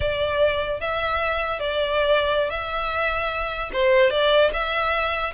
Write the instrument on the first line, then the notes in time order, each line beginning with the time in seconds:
violin
0.00 D5
0.80 E5
1.59 D5
2.50 E5
3.72 C5
4.10 D5
4.53 E5